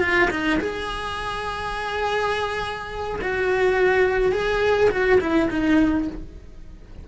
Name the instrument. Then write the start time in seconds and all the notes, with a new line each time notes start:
cello
0.00 F4
0.31 D#4
0.60 G#4
3.21 F#4
4.32 G#4
4.91 F#4
5.21 E4
5.50 D#4